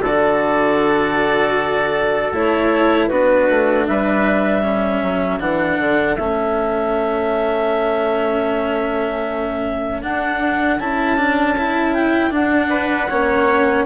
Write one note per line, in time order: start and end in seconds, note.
0.00 2.31 D3
0.00 3.09 A4
0.00 2.33 D5
0.07 2.33 F#4
2.32 3.09 A3
2.32 3.10 E4
2.32 3.08 C#5
3.08 3.49 B3
3.08 4.62 D4
3.08 3.86 F#4
3.08 3.84 B4
3.49 3.87 A3
3.86 5.03 G3
3.86 4.63 B4
3.86 5.39 E5
4.62 5.39 C#4
4.62 12.69 A4
5.03 5.39 F#3
5.39 5.78 E3
5.39 6.17 D4
5.39 6.16 F#5
5.79 6.17 D3
6.16 10.03 A3
6.16 10.02 C#4
6.16 10.01 E5
10.02 10.79 D4
10.02 10.79 F#5
10.79 12.31 C#4
10.79 11.17 E4
10.79 11.93 A5
11.17 11.56 D4
11.58 12.30 E4
11.93 12.32 G5
12.30 13.07 D4
12.30 13.08 D4
12.30 13.86 F#5
12.69 13.08 B4
13.08 13.86 A#3
13.08 13.86 C#4
13.08 13.85 C#5